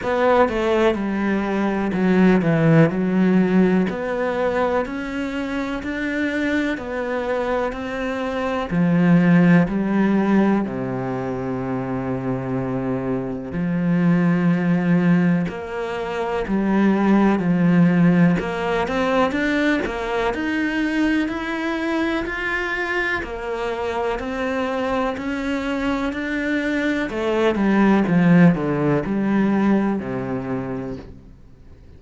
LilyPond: \new Staff \with { instrumentName = "cello" } { \time 4/4 \tempo 4 = 62 b8 a8 g4 fis8 e8 fis4 | b4 cis'4 d'4 b4 | c'4 f4 g4 c4~ | c2 f2 |
ais4 g4 f4 ais8 c'8 | d'8 ais8 dis'4 e'4 f'4 | ais4 c'4 cis'4 d'4 | a8 g8 f8 d8 g4 c4 | }